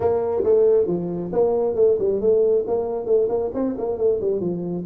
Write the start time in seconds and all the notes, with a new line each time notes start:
0.00 A#3
0.43 A3
0.86 F3
1.32 A#3
1.75 A3
1.99 G3
2.21 A3
2.67 A#3
3.05 A3
3.28 A#3
3.54 C4
3.77 A#3
3.97 A3
4.21 G3
4.40 F3